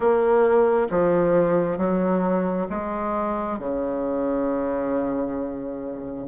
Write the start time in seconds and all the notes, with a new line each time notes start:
0.00 A#3
0.90 F3
1.77 F#3
2.69 G#3
3.58 C#3